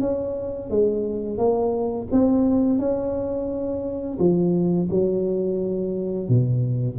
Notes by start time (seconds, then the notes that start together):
0.00 C#4
0.70 G#3
1.37 A#3
2.12 C4
2.78 C#4
4.19 F3
4.90 F#3
6.28 B2